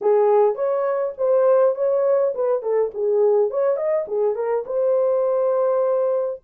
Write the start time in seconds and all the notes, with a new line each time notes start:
0.01 G#4
0.55 C#5
1.17 C5
1.75 C#5
2.35 B4
2.62 A4
2.94 G#4
3.50 C#5
3.76 D#5
4.07 G#4
4.35 A#4
4.66 C5